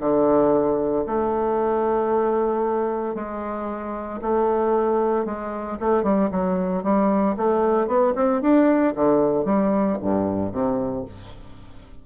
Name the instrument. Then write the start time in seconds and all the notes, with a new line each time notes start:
bassoon
0.00 D3
1.06 A3
3.15 G#3
4.22 A3
5.25 G#3
5.80 A3
6.03 G3
6.31 F#3
6.83 G3
7.37 A3
7.87 B3
8.15 C4
8.41 D4
8.95 D3
9.45 G3
10.02 G2
10.52 C3